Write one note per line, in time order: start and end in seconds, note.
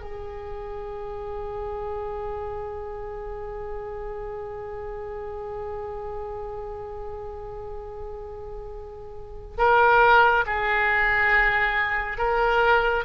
0.00 9.57 G#4
9.57 10.44 A#4
10.46 12.17 G#4
12.17 13.04 A#4